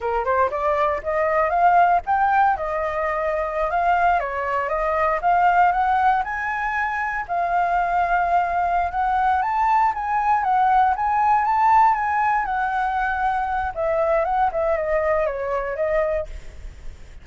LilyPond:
\new Staff \with { instrumentName = "flute" } { \time 4/4 \tempo 4 = 118 ais'8 c''8 d''4 dis''4 f''4 | g''4 dis''2~ dis''16 f''8.~ | f''16 cis''4 dis''4 f''4 fis''8.~ | fis''16 gis''2 f''4.~ f''16~ |
f''4. fis''4 a''4 gis''8~ | gis''8 fis''4 gis''4 a''4 gis''8~ | gis''8 fis''2~ fis''8 e''4 | fis''8 e''8 dis''4 cis''4 dis''4 | }